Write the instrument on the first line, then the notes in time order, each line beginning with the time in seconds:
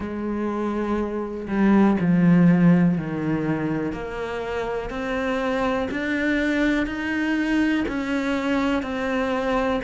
cello
0.00 G#3
1.48 G3
2.00 F3
2.97 D#3
3.92 A#3
4.90 C4
5.90 D4
6.86 D#4
7.88 C#4
8.82 C4